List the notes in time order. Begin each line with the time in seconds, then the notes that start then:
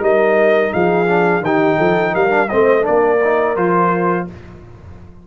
0.00 G3 D#4 A#4 D#5
0.73 F3 G#4 F5
1.06 D4
1.41 D#3 D#4 G4 G5
1.77 F3 A4
2.14 G3 A#4 F5
2.30 D4
2.49 A3 C4 C5 D#5
2.82 D4 A#4 D5
2.88 A#3
3.24 D#4
3.57 F3 F4 C5